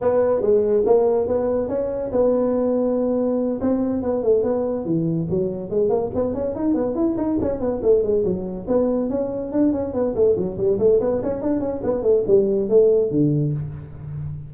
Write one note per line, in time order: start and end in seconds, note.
0.01 0.41 B3
0.41 0.83 G#3
0.85 1.27 A#3
1.27 1.68 B3
1.68 2.10 C#4
2.12 3.60 B3
3.60 4.02 C4
4.02 4.23 B3
4.23 4.43 A3
4.43 4.85 B3
4.85 5.27 E3
5.29 5.70 F#3
5.70 5.89 G#3
5.89 6.10 A#3
6.14 6.34 B3
6.34 6.55 C#4
6.55 6.74 D#4
6.74 6.95 B3
6.95 7.16 E4
7.17 7.38 D#4
7.41 7.60 C#4
7.60 7.81 B3
7.82 8.03 A3
8.03 8.24 G#3
8.24 8.66 F#3
8.67 9.09 B3
9.09 9.51 C#4
9.51 9.72 D4
9.72 9.93 C#4
9.93 10.14 B3
10.15 10.36 A3
10.36 10.57 F#3
10.57 10.78 G3
10.79 11.00 A3
11.00 11.21 B3
11.22 11.41 C#4
11.41 11.59 D4
11.59 11.81 C#4
11.83 12.02 B3
12.02 12.23 A3
12.27 12.69 G3
12.69 13.10 A3
13.10 13.52 D3